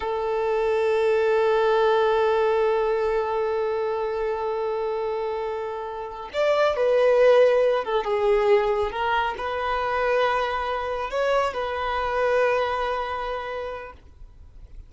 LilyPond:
\new Staff \with { instrumentName = "violin" } { \time 4/4 \tempo 4 = 138 a'1~ | a'1~ | a'1~ | a'2~ a'8 d''4 b'8~ |
b'2 a'8 gis'4.~ | gis'8 ais'4 b'2~ b'8~ | b'4. cis''4 b'4.~ | b'1 | }